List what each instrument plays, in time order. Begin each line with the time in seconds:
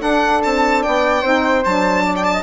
0.00 bassoon D4, saxophone D4, flute A4, violin F#5
0.43 bassoon C4, violin A5
0.82 bassoon B3, flute D5, violin G5
1.22 bassoon C4, saxophone D#4, flute C5
1.65 bassoon F#3, saxophone D4, violin A5
2.05 flute D5
2.15 violin G5
2.23 violin A5
2.33 flute D#5